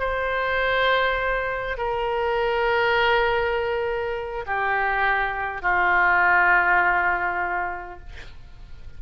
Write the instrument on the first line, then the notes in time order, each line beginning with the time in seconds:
oboe
0.00 C5
1.78 A#4
4.47 G4
5.62 F4